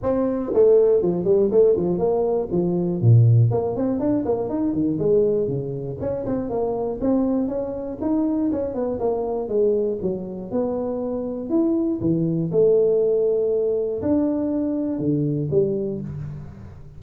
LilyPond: \new Staff \with { instrumentName = "tuba" } { \time 4/4 \tempo 4 = 120 c'4 a4 f8 g8 a8 f8 | ais4 f4 ais,4 ais8 c'8 | d'8 ais8 dis'8 dis8 gis4 cis4 | cis'8 c'8 ais4 c'4 cis'4 |
dis'4 cis'8 b8 ais4 gis4 | fis4 b2 e'4 | e4 a2. | d'2 d4 g4 | }